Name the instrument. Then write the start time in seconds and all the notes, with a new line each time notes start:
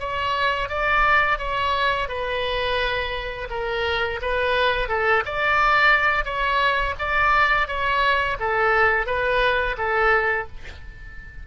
oboe
0.00 C#5
0.69 D5
1.39 C#5
2.08 B4
3.50 A#4
4.22 B4
4.89 A4
5.25 D5
6.25 C#5
6.99 D5
7.68 C#5
8.40 A4
9.06 B4
9.78 A4